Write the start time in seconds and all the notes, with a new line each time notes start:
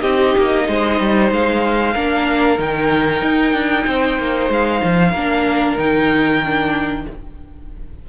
0.00 C4 D#4 G4 D#5
0.37 A#3
0.68 G#3 C5
1.00 G3
1.31 G#3 F5
1.94 A#3 D4 A#4
2.58 D#3 D#4 G5
3.22 D#4
3.53 D4
3.86 C4 C5
4.18 A#3
4.49 G#3 F5
4.84 F3
5.11 A#3 D4 A#4
5.78 D#3 D#4 G5
6.45 D4